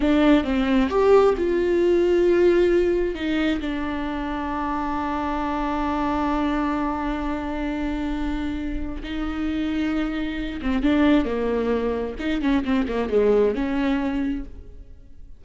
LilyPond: \new Staff \with { instrumentName = "viola" } { \time 4/4 \tempo 4 = 133 d'4 c'4 g'4 f'4~ | f'2. dis'4 | d'1~ | d'1~ |
d'1 | dis'2.~ dis'8 c'8 | d'4 ais2 dis'8 cis'8 | c'8 ais8 gis4 cis'2 | }